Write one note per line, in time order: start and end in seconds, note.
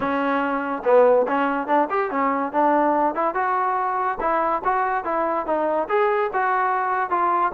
0.00 0.82 C#4
0.84 1.26 B3
1.27 1.67 C#4
1.67 1.88 D4
1.90 2.10 G4
2.10 2.52 C#4
2.52 3.15 D4
3.15 3.34 E4
3.34 4.18 F#4
4.20 4.62 E4
4.64 5.04 F#4
5.04 5.46 E4
5.46 5.88 D#4
5.89 6.31 G#4
6.33 7.10 F#4
7.10 7.52 F4